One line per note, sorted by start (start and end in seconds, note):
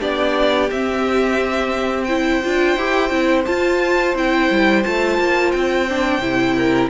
0.00 0.71 B3
0.00 0.69 D4
0.00 2.07 G4
0.00 0.70 D5
0.71 2.44 C4
0.71 2.09 C4
0.71 2.04 E5
2.04 2.43 E4
2.04 6.56 C5
2.04 3.42 G5
2.44 2.77 D4
2.44 2.78 F4
2.77 3.11 E4
2.77 3.10 G4
3.10 3.46 C4
3.10 3.45 E4
3.46 4.16 F4
3.46 4.15 F4
3.46 4.15 A5
4.15 4.50 C4
4.15 4.84 E4
4.15 4.84 G5
4.51 4.85 G3
4.84 5.19 A3
4.84 5.88 F4
4.84 5.52 A5
5.19 5.53 A#3
5.52 6.19 C4
5.52 6.90 G5
5.89 6.22 D4
6.19 6.88 C3
6.19 6.90 E4
6.56 6.90 A#4